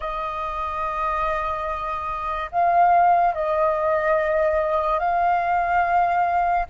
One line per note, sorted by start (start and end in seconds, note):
0.00 2.50 D#5
2.51 3.34 F5
3.34 4.99 D#5
4.99 6.66 F5